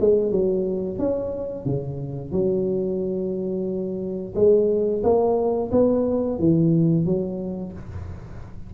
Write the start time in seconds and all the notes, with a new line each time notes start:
0.00 G#3
0.31 F#3
0.98 C#4
1.65 C#3
2.32 F#3
4.35 G#3
5.03 A#3
5.72 B3
6.39 E3
7.05 F#3